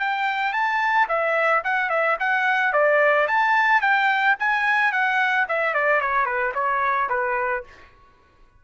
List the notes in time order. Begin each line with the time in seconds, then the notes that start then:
0.00 G5
0.53 A5
1.09 E5
1.65 F#5
1.90 E5
2.20 F#5
2.73 D5
3.28 A5
3.82 G5
4.40 G#5
4.93 F#5
5.49 E5
5.75 D5
6.01 C#5
6.26 B4
6.55 C#5
7.10 B4